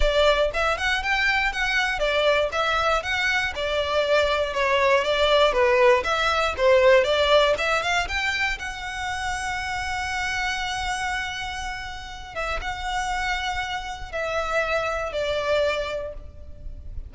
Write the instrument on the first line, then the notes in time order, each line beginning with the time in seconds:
violin
0.00 D5
0.53 E5
0.77 F#5
1.02 G5
1.52 F#5
1.99 D5
2.52 E5
3.03 F#5
3.55 D5
4.53 C#5
5.04 D5
5.52 B4
6.04 E5
6.57 C5
7.04 D5
7.57 E5
7.82 F5
8.08 G5
8.59 F#5
12.34 E5
12.61 F#5
14.12 E5
15.12 D5